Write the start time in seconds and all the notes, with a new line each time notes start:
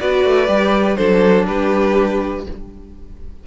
0.00 B3 F#4 B4 D5
0.24 A3
0.47 G3 G4
0.96 F#3 D4 A4 C5
1.46 G3 G4 B4